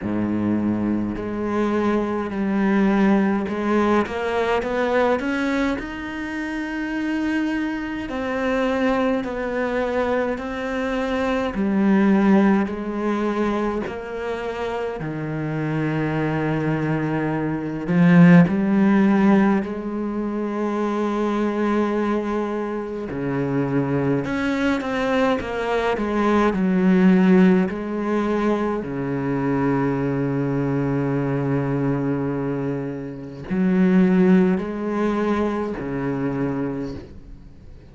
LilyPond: \new Staff \with { instrumentName = "cello" } { \time 4/4 \tempo 4 = 52 gis,4 gis4 g4 gis8 ais8 | b8 cis'8 dis'2 c'4 | b4 c'4 g4 gis4 | ais4 dis2~ dis8 f8 |
g4 gis2. | cis4 cis'8 c'8 ais8 gis8 fis4 | gis4 cis2.~ | cis4 fis4 gis4 cis4 | }